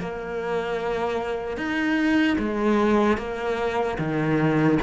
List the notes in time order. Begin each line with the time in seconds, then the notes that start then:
0.00 A#3
1.57 D#4
2.39 G#3
3.18 A#3
3.99 D#3